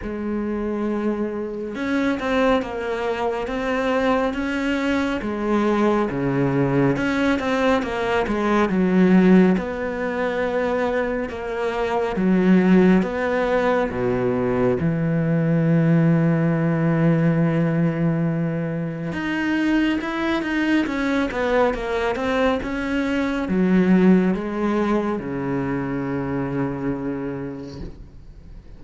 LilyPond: \new Staff \with { instrumentName = "cello" } { \time 4/4 \tempo 4 = 69 gis2 cis'8 c'8 ais4 | c'4 cis'4 gis4 cis4 | cis'8 c'8 ais8 gis8 fis4 b4~ | b4 ais4 fis4 b4 |
b,4 e2.~ | e2 dis'4 e'8 dis'8 | cis'8 b8 ais8 c'8 cis'4 fis4 | gis4 cis2. | }